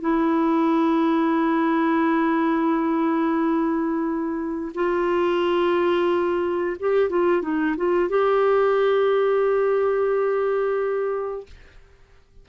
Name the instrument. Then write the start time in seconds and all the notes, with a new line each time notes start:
clarinet
0.00 E4
4.74 F4
6.79 G4
7.09 F4
7.41 D#4
7.77 F4
8.09 G4